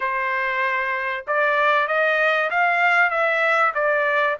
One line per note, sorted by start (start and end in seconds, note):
0.00 1.25 C5
1.27 1.87 D5
1.87 2.50 D#5
2.50 3.10 F5
3.10 3.72 E5
3.74 4.36 D5